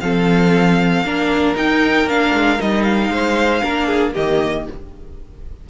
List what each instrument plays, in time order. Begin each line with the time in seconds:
0.00 cello F3, viola C4, violin A4 F5
1.03 cello A#3, viola D4, violin A#4
1.56 viola D#4, cello D#4, violin G5
2.06 cello A#3, viola D4, violin F5
2.33 cello G#3
2.58 cello G3, viola D#4, violin D#5
2.83 violin F5
3.10 cello G#3, violin C5
3.62 cello A#3, viola D4, violin A#4
3.86 violin G#4
4.12 cello D#3, viola A#3, violin G4 D#5